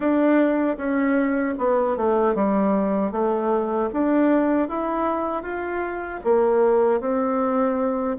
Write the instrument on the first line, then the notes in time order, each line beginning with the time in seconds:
bassoon
0.00 D4
0.77 C#4
1.58 B3
1.97 A3
2.34 G3
3.11 A3
3.92 D4
4.68 E4
5.42 F4
6.24 A#3
7.00 C4